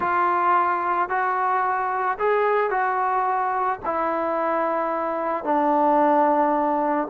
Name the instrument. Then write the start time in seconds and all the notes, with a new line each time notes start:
trombone
0.00 F4
1.09 F#4
2.18 G#4
2.70 F#4
3.85 E4
5.44 D4